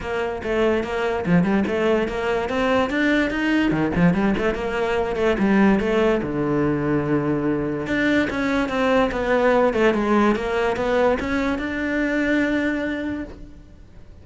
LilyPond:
\new Staff \with { instrumentName = "cello" } { \time 4/4 \tempo 4 = 145 ais4 a4 ais4 f8 g8 | a4 ais4 c'4 d'4 | dis'4 dis8 f8 g8 a8 ais4~ | ais8 a8 g4 a4 d4~ |
d2. d'4 | cis'4 c'4 b4. a8 | gis4 ais4 b4 cis'4 | d'1 | }